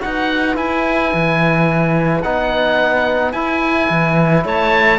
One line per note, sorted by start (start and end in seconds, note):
0.00 0.58 D#4
0.00 0.55 F#4
0.00 4.45 B4
0.00 0.57 F#5
0.55 2.22 E4
0.55 1.13 E4
0.55 2.23 G#5
1.14 2.25 E3
2.23 3.33 B3
2.23 3.34 D#4
2.23 3.33 F#5
3.33 3.89 E4
3.33 4.99 E4
3.33 4.44 G#5
3.90 4.45 E3
4.45 4.99 A3
4.45 4.99 C#5
4.45 4.99 A5